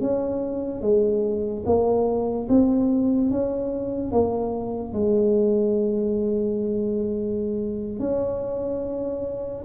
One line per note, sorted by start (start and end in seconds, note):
0.00 0.81 C#4
0.81 1.63 G#3
1.66 2.48 A#3
2.49 3.30 C4
3.30 4.11 C#4
4.11 4.93 A#3
4.93 7.99 G#3
7.99 9.64 C#4